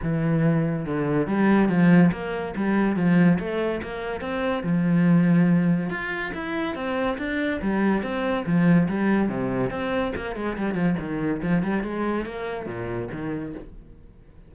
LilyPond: \new Staff \with { instrumentName = "cello" } { \time 4/4 \tempo 4 = 142 e2 d4 g4 | f4 ais4 g4 f4 | a4 ais4 c'4 f4~ | f2 f'4 e'4 |
c'4 d'4 g4 c'4 | f4 g4 c4 c'4 | ais8 gis8 g8 f8 dis4 f8 g8 | gis4 ais4 ais,4 dis4 | }